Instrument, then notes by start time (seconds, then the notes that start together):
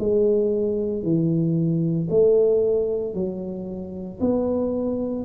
tuba
0.00 G#3
1.03 E3
2.11 A3
3.14 F#3
4.21 B3